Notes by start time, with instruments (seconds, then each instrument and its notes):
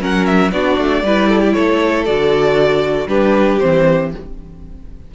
0.00 cello F#3, viola C#4, violin A#4 F#5
0.26 violin E5
0.52 cello B3, viola D4, violin F#4 D5
0.78 cello A3
1.03 cello G3, viola E4, violin B4
1.29 violin A4
1.40 violin G4
1.53 cello A3, violin A4 C#5
2.05 cello D3, viola F#4, violin D5
3.07 cello G3, viola D4, violin G4 B4
3.60 cello E3, viola C4, violin C5